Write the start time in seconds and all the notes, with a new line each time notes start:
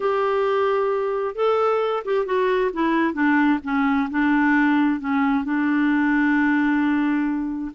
0.00 G4
1.35 A4
2.05 G4
2.25 F#4
2.73 E4
3.13 D4
3.63 C#4
4.10 D4
5.00 C#4
5.44 D4